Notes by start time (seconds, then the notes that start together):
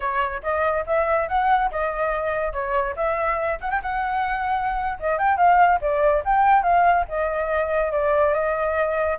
0.00 C#5
0.42 D#5
0.86 E5
1.28 F#5
1.71 D#5
2.52 C#5
2.96 E5
3.60 F#5
3.70 G5
3.82 F#5
4.99 D#5
5.18 G5
5.37 F5
5.81 D5
6.24 G5
6.62 F5
7.08 D#5
7.91 D5
8.33 D#5